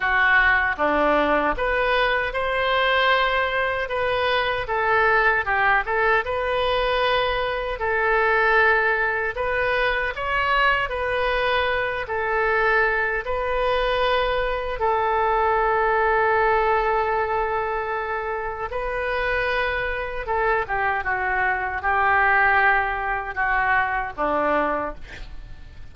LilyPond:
\new Staff \with { instrumentName = "oboe" } { \time 4/4 \tempo 4 = 77 fis'4 d'4 b'4 c''4~ | c''4 b'4 a'4 g'8 a'8 | b'2 a'2 | b'4 cis''4 b'4. a'8~ |
a'4 b'2 a'4~ | a'1 | b'2 a'8 g'8 fis'4 | g'2 fis'4 d'4 | }